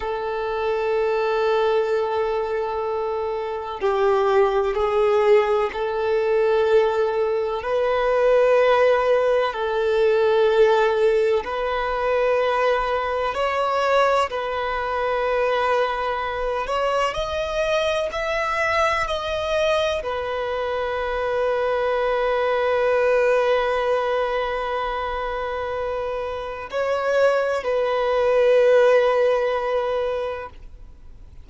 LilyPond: \new Staff \with { instrumentName = "violin" } { \time 4/4 \tempo 4 = 63 a'1 | g'4 gis'4 a'2 | b'2 a'2 | b'2 cis''4 b'4~ |
b'4. cis''8 dis''4 e''4 | dis''4 b'2.~ | b'1 | cis''4 b'2. | }